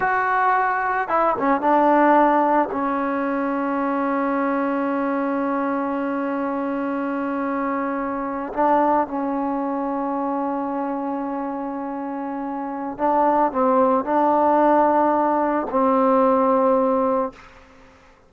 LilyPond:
\new Staff \with { instrumentName = "trombone" } { \time 4/4 \tempo 4 = 111 fis'2 e'8 cis'8 d'4~ | d'4 cis'2.~ | cis'1~ | cis'2.~ cis'8. d'16~ |
d'8. cis'2.~ cis'16~ | cis'1 | d'4 c'4 d'2~ | d'4 c'2. | }